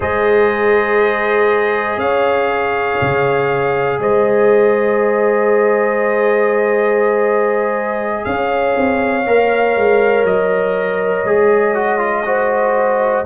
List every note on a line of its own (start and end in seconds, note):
0.00 1.96 G#3
0.00 9.24 G#4
0.00 1.99 C5
0.00 1.99 D#5
1.96 2.96 C#4
1.96 3.99 C#5
1.96 3.99 F5
3.01 3.99 C#3
3.99 8.24 G#3
3.99 8.25 C5
3.99 8.25 D#5
8.25 8.75 C#4
8.25 12.26 C#5
8.25 10.25 F5
8.76 9.25 C4
9.25 9.75 A#3
9.25 11.26 A#4
9.75 10.24 G#3
10.24 11.24 F#3
10.24 13.25 D#5
11.24 13.24 G#3
11.24 11.74 G#4
11.74 11.98 F#4
11.98 12.23 F4
12.25 13.25 F#4
12.25 13.26 C5